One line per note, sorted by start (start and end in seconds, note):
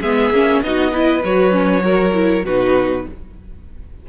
0.00 0.30 G#3
0.00 0.33 B3
0.00 0.61 G#4
0.00 0.62 E5
0.30 0.60 A#3
0.30 0.63 C#4
0.62 1.22 B3
0.62 0.91 D#4
0.62 0.91 F#4
0.62 1.23 D#5
0.91 1.21 E4
0.91 1.82 B4
1.24 2.44 F#3
1.24 1.52 F#4
1.24 2.45 C#5
1.52 1.80 C#4
1.80 2.10 F#4
1.80 2.45 A#4
2.13 2.43 E4
2.44 3.05 B2
2.44 3.08 D#4
2.44 3.05 F#4
2.44 3.06 B4